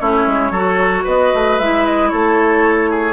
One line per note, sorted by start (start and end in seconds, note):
0.00 0.26 A3
0.00 0.54 C#4
0.00 0.52 E4
0.00 1.05 C#5
0.26 0.51 G#3
0.51 1.03 F#3
0.51 1.61 F#4
0.51 1.04 A4
1.04 1.33 B3
1.04 2.09 B4
1.04 1.59 D#5
1.34 1.59 A3
1.59 2.12 G#3
1.59 3.12 E4
1.59 1.85 E5
1.85 2.09 D#5
2.09 3.12 A3
2.09 2.90 A4
2.09 3.12 C#5
2.90 3.12 G#4